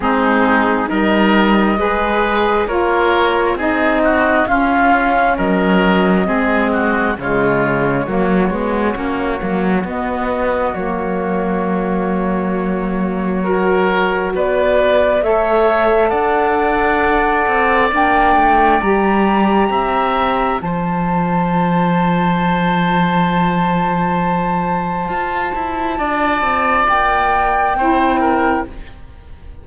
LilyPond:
<<
  \new Staff \with { instrumentName = "flute" } { \time 4/4 \tempo 4 = 67 gis'4 dis''2 cis''4 | dis''4 f''4 dis''2 | cis''2. dis''4 | cis''1 |
d''4 e''4 fis''2 | g''4 ais''2 a''4~ | a''1~ | a''2 g''2 | }
  \new Staff \with { instrumentName = "oboe" } { \time 4/4 dis'4 ais'4 b'4 ais'4 | gis'8 fis'8 f'4 ais'4 gis'8 fis'8 | f'4 fis'2.~ | fis'2. ais'4 |
b'4 cis''4 d''2~ | d''2 e''4 c''4~ | c''1~ | c''4 d''2 c''8 ais'8 | }
  \new Staff \with { instrumentName = "saxophone" } { \time 4/4 c'4 dis'4 gis'4 f'4 | dis'4 cis'2 c'4 | gis4 ais8 b8 cis'8 ais8 b4 | ais2. fis'4~ |
fis'4 a'2. | d'4 g'2 f'4~ | f'1~ | f'2. e'4 | }
  \new Staff \with { instrumentName = "cello" } { \time 4/4 gis4 g4 gis4 ais4 | c'4 cis'4 fis4 gis4 | cis4 fis8 gis8 ais8 fis8 b4 | fis1 |
b4 a4 d'4. c'8 | ais8 a8 g4 c'4 f4~ | f1 | f'8 e'8 d'8 c'8 ais4 c'4 | }
>>